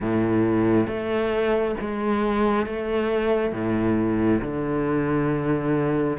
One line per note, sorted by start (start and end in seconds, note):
0.00 0.87 A2
0.87 1.75 A3
1.80 2.66 G#3
2.66 3.52 A3
3.52 4.40 A2
4.41 6.17 D3